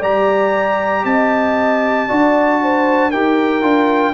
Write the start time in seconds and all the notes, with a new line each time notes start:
0.00 G3 G4 D5 A#5
1.05 C4 D#5 A5
2.08 D4 F#4 D5
2.62 C5
3.10 D#4 G4 A#4 G5
3.62 D4 F4